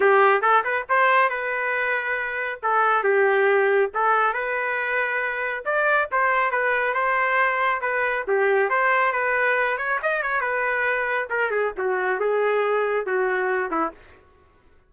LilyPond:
\new Staff \with { instrumentName = "trumpet" } { \time 4/4 \tempo 4 = 138 g'4 a'8 b'8 c''4 b'4~ | b'2 a'4 g'4~ | g'4 a'4 b'2~ | b'4 d''4 c''4 b'4 |
c''2 b'4 g'4 | c''4 b'4. cis''8 dis''8 cis''8 | b'2 ais'8 gis'8 fis'4 | gis'2 fis'4. e'8 | }